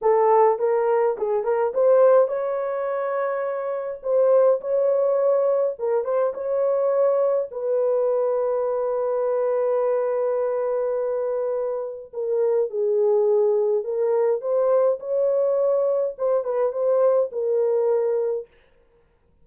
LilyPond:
\new Staff \with { instrumentName = "horn" } { \time 4/4 \tempo 4 = 104 a'4 ais'4 gis'8 ais'8 c''4 | cis''2. c''4 | cis''2 ais'8 c''8 cis''4~ | cis''4 b'2.~ |
b'1~ | b'4 ais'4 gis'2 | ais'4 c''4 cis''2 | c''8 b'8 c''4 ais'2 | }